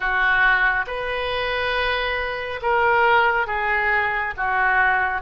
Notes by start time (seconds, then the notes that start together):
0.00 F#4
0.86 B4
2.62 A#4
3.47 G#4
4.36 F#4